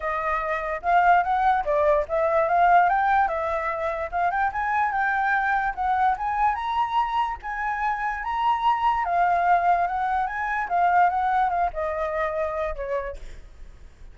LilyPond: \new Staff \with { instrumentName = "flute" } { \time 4/4 \tempo 4 = 146 dis''2 f''4 fis''4 | d''4 e''4 f''4 g''4 | e''2 f''8 g''8 gis''4 | g''2 fis''4 gis''4 |
ais''2 gis''2 | ais''2 f''2 | fis''4 gis''4 f''4 fis''4 | f''8 dis''2~ dis''8 cis''4 | }